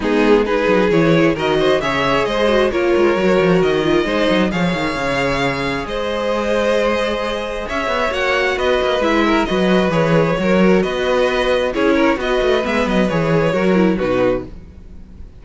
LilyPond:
<<
  \new Staff \with { instrumentName = "violin" } { \time 4/4 \tempo 4 = 133 gis'4 b'4 cis''4 dis''4 | e''4 dis''4 cis''2 | dis''2 f''2~ | f''4 dis''2.~ |
dis''4 e''4 fis''4 dis''4 | e''4 dis''4 cis''2 | dis''2 cis''4 dis''4 | e''8 dis''8 cis''2 b'4 | }
  \new Staff \with { instrumentName = "violin" } { \time 4/4 dis'4 gis'2 ais'8 c''8 | cis''4 c''4 ais'2~ | ais'4 c''4 cis''2~ | cis''4 c''2.~ |
c''4 cis''2 b'4~ | b'8 ais'8 b'2 ais'4 | b'2 gis'8 ais'8 b'4~ | b'2 ais'4 fis'4 | }
  \new Staff \with { instrumentName = "viola" } { \time 4/4 b4 dis'4 e'4 fis'4 | gis'4. fis'8 f'4 fis'4~ | fis'8 f'8 dis'4 gis'2~ | gis'1~ |
gis'2 fis'2 | e'4 fis'4 gis'4 fis'4~ | fis'2 e'4 fis'4 | b4 gis'4 fis'8 e'8 dis'4 | }
  \new Staff \with { instrumentName = "cello" } { \time 4/4 gis4. fis8 e4 dis4 | cis4 gis4 ais8 gis8 fis8 f8 | dis4 gis8 fis8 f8 dis8 cis4~ | cis4 gis2.~ |
gis4 cis'8 b8 ais4 b8 ais8 | gis4 fis4 e4 fis4 | b2 cis'4 b8 a8 | gis8 fis8 e4 fis4 b,4 | }
>>